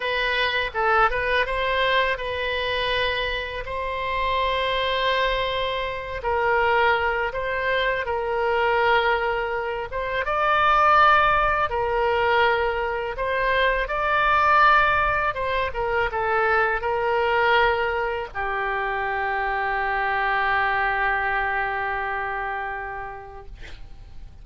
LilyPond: \new Staff \with { instrumentName = "oboe" } { \time 4/4 \tempo 4 = 82 b'4 a'8 b'8 c''4 b'4~ | b'4 c''2.~ | c''8 ais'4. c''4 ais'4~ | ais'4. c''8 d''2 |
ais'2 c''4 d''4~ | d''4 c''8 ais'8 a'4 ais'4~ | ais'4 g'2.~ | g'1 | }